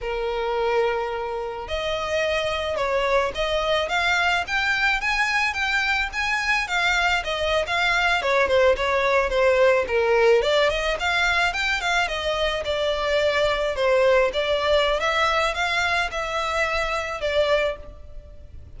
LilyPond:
\new Staff \with { instrumentName = "violin" } { \time 4/4 \tempo 4 = 108 ais'2. dis''4~ | dis''4 cis''4 dis''4 f''4 | g''4 gis''4 g''4 gis''4 | f''4 dis''8. f''4 cis''8 c''8 cis''16~ |
cis''8. c''4 ais'4 d''8 dis''8 f''16~ | f''8. g''8 f''8 dis''4 d''4~ d''16~ | d''8. c''4 d''4~ d''16 e''4 | f''4 e''2 d''4 | }